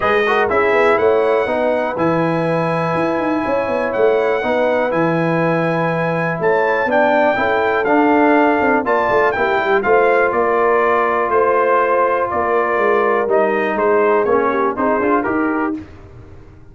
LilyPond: <<
  \new Staff \with { instrumentName = "trumpet" } { \time 4/4 \tempo 4 = 122 dis''4 e''4 fis''2 | gis''1 | fis''2 gis''2~ | gis''4 a''4 g''2 |
f''2 a''4 g''4 | f''4 d''2 c''4~ | c''4 d''2 dis''4 | c''4 cis''4 c''4 ais'4 | }
  \new Staff \with { instrumentName = "horn" } { \time 4/4 b'8 ais'8 gis'4 cis''4 b'4~ | b'2. cis''4~ | cis''4 b'2.~ | b'4 cis''4 d''4 a'4~ |
a'2 d''4 g'4 | c''4 ais'2 c''4~ | c''4 ais'2. | gis'4. g'8 gis'4 g'4 | }
  \new Staff \with { instrumentName = "trombone" } { \time 4/4 gis'8 fis'8 e'2 dis'4 | e'1~ | e'4 dis'4 e'2~ | e'2 d'4 e'4 |
d'2 f'4 e'4 | f'1~ | f'2. dis'4~ | dis'4 cis'4 dis'8 f'8 g'4 | }
  \new Staff \with { instrumentName = "tuba" } { \time 4/4 gis4 cis'8 b8 a4 b4 | e2 e'8 dis'8 cis'8 b8 | a4 b4 e2~ | e4 a4 b4 cis'4 |
d'4. c'8 ais8 a8 ais8 g8 | a4 ais2 a4~ | a4 ais4 gis4 g4 | gis4 ais4 c'8 d'8 dis'4 | }
>>